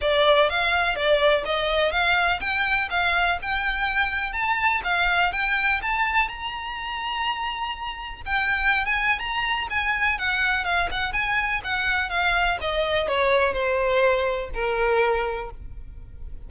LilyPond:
\new Staff \with { instrumentName = "violin" } { \time 4/4 \tempo 4 = 124 d''4 f''4 d''4 dis''4 | f''4 g''4 f''4 g''4~ | g''4 a''4 f''4 g''4 | a''4 ais''2.~ |
ais''4 g''4~ g''16 gis''8. ais''4 | gis''4 fis''4 f''8 fis''8 gis''4 | fis''4 f''4 dis''4 cis''4 | c''2 ais'2 | }